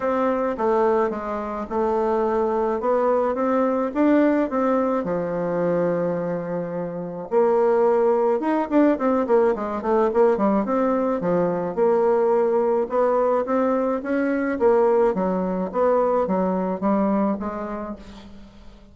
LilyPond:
\new Staff \with { instrumentName = "bassoon" } { \time 4/4 \tempo 4 = 107 c'4 a4 gis4 a4~ | a4 b4 c'4 d'4 | c'4 f2.~ | f4 ais2 dis'8 d'8 |
c'8 ais8 gis8 a8 ais8 g8 c'4 | f4 ais2 b4 | c'4 cis'4 ais4 fis4 | b4 fis4 g4 gis4 | }